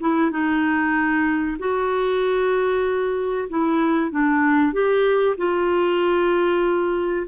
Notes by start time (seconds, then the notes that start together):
0.00 E4
0.31 D#4
1.59 F#4
3.49 E4
4.11 D4
4.73 G4
5.37 F4